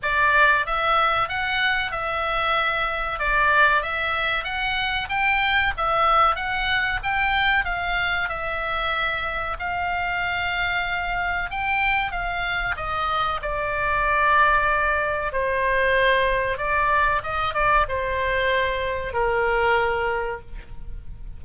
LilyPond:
\new Staff \with { instrumentName = "oboe" } { \time 4/4 \tempo 4 = 94 d''4 e''4 fis''4 e''4~ | e''4 d''4 e''4 fis''4 | g''4 e''4 fis''4 g''4 | f''4 e''2 f''4~ |
f''2 g''4 f''4 | dis''4 d''2. | c''2 d''4 dis''8 d''8 | c''2 ais'2 | }